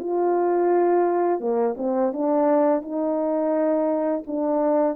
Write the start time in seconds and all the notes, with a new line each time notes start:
0.00 F4
1.40 A#3
1.78 C4
2.13 D4
2.82 D#4
4.27 D4